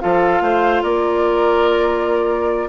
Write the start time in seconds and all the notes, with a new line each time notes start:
0.00 F3 F4 A4 F5
0.40 A3 C5
0.82 A#3 A#4 D5